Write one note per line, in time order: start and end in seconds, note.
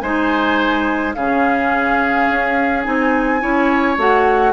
0.00 1.15 G#3
0.00 1.16 D#4
0.00 1.15 C5
0.00 1.13 G#5
1.14 2.29 C#3
1.14 2.83 C#4
1.14 3.42 G#4
1.14 2.83 F5
2.30 2.86 C#4
2.83 3.43 C4
2.83 3.40 D#4
2.83 3.96 G#5
3.40 3.97 C#4
3.40 3.97 E4
3.40 4.53 C#5
3.97 4.53 A3
3.97 4.53 F#4
3.97 4.53 F#5